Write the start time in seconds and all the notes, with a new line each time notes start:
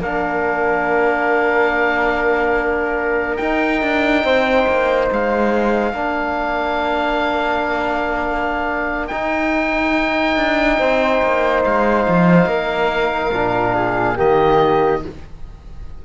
0.00 A#3 D4 A#4 F5
3.37 D#4 G5
3.82 D4
4.24 C4 C5
4.68 A#3
5.12 G#3 F5
5.93 A#3 D4 A#4
9.08 D#4 G5
10.37 D4
10.79 C4 C5
11.23 A#3
11.64 G#3 F5
12.08 F3
12.46 A#3 A#4
13.33 A#2 D4
13.75 G#4
14.16 D#3 A#3 G4 D#5